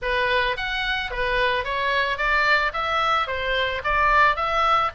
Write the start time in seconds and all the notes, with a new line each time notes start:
0.02 B4
0.56 F#5
1.11 B4
1.64 C#5
2.17 D5
2.73 E5
3.27 C5
3.84 D5
4.36 E5